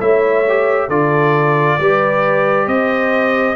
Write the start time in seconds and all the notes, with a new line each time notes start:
0.00 A3 E4 C#5 E5
0.49 G4
0.87 D3 F4 A4 D5
1.79 G3 G4 B4
2.66 C4 C5 D#5